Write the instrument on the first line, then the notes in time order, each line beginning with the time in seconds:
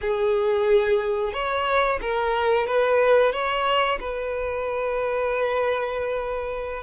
violin
0.01 G#4
1.33 C#5
2.01 A#4
2.66 B4
3.32 C#5
4.00 B4